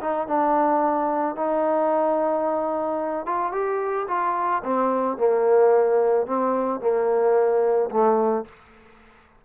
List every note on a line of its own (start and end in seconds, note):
0.00 0.27 D#4
0.27 1.35 D4
1.35 3.26 D#4
3.26 3.52 F4
3.52 4.07 G4
4.08 4.62 F4
4.64 5.17 C4
5.17 6.26 A#3
6.26 6.80 C4
6.80 7.89 A#3
7.90 8.45 A3